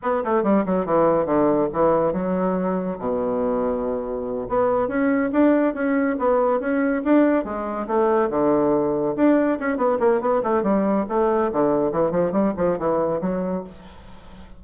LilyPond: \new Staff \with { instrumentName = "bassoon" } { \time 4/4 \tempo 4 = 141 b8 a8 g8 fis8 e4 d4 | e4 fis2 b,4~ | b,2~ b,8 b4 cis'8~ | cis'8 d'4 cis'4 b4 cis'8~ |
cis'8 d'4 gis4 a4 d8~ | d4. d'4 cis'8 b8 ais8 | b8 a8 g4 a4 d4 | e8 f8 g8 f8 e4 fis4 | }